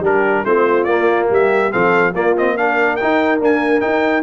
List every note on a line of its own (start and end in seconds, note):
0.00 0.42 G3
0.00 0.46 D4
0.00 0.44 G4
0.00 0.45 A#4
0.44 0.85 A3
0.44 0.88 C4
0.44 1.30 F4
0.44 0.84 C5
0.84 1.28 A#3
0.84 1.71 A#3
0.84 1.26 D5
1.30 1.72 G3
1.30 1.72 G4
1.30 1.72 E5
1.71 2.14 F3
1.71 2.13 C4
1.71 2.11 A4
1.71 2.14 F5
2.11 2.99 A#3
2.11 2.36 A#3
2.11 2.54 F4
2.11 2.36 D5
2.37 2.57 C4
2.37 2.57 D#5
2.57 3.00 D4
2.57 4.23 A#4
2.57 2.96 F5
2.96 3.40 D#4
2.96 3.38 G5
3.02 3.39 D#4
3.39 3.80 A#3
3.39 3.82 D4
3.39 3.80 G#5
3.80 4.23 D#4
3.80 4.23 G5